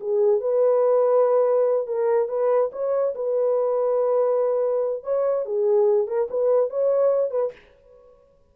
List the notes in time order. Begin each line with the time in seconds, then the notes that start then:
0.00 G#4
0.40 B4
1.87 A#4
2.28 B4
2.72 C#5
3.15 B4
5.03 C#5
5.45 G#4
6.07 A#4
6.30 B4
6.70 C#5
7.30 B4